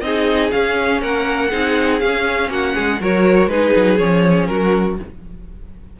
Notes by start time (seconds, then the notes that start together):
0.00 C4 D#4 G#4 D#5
0.50 C#4 F5
1.01 A#3 A#4 F#5
1.50 C4 D#4 G#4
1.99 C#4 F5
2.49 A#3 F#4 F#5
2.74 G#3 G#4
3.00 F#3 F#4 A#4 C#5
3.46 G#3 D#4 G#4 B4
3.76 F#3
3.98 F3 C#4 C#5
4.46 F#3 F#4 A#4